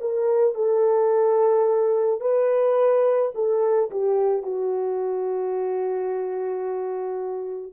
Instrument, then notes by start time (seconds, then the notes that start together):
horn
0.00 A#4
0.54 A4
2.20 B4
3.34 A4
3.90 G4
4.42 F#4